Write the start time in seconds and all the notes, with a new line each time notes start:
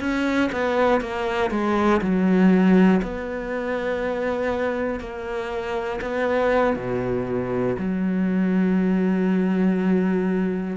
0.00 C#4
0.52 B3
1.01 A#3
1.51 G#3
2.01 F#3
3.02 B3
5.00 A#3
6.01 B3
6.76 B2
7.78 F#3